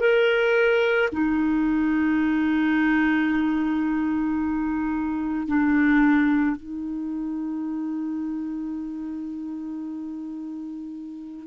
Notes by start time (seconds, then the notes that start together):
0.00 A#4
1.13 D#4
5.47 D4
6.57 D#4